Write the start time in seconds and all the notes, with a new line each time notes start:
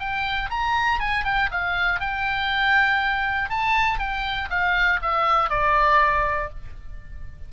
0.00 G5
0.50 A#5
1.00 G#5
1.25 G5
1.52 F5
2.01 G5
3.50 A5
4.00 G5
4.50 F5
5.02 E5
5.50 D5